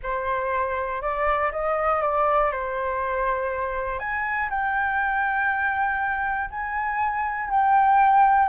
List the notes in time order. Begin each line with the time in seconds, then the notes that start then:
0.02 C5
1.01 D5
1.52 D#5
2.01 D5
2.51 C5
3.99 G#5
4.50 G5
6.50 G#5
7.50 G5